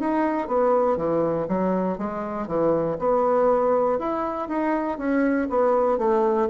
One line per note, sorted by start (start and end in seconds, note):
0.00 0.48 D#4
0.48 0.97 B3
0.97 1.47 E3
1.48 1.98 F#3
1.99 2.48 G#3
2.48 2.98 E3
2.99 3.99 B3
3.99 4.49 E4
4.49 4.98 D#4
4.98 5.48 C#4
5.50 5.99 B3
5.99 6.49 A3